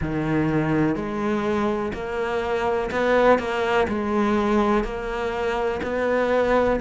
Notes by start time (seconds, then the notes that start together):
0.00 D#3
0.95 G#3
1.93 A#3
2.91 B3
3.38 A#3
3.88 G#3
4.84 A#3
5.82 B3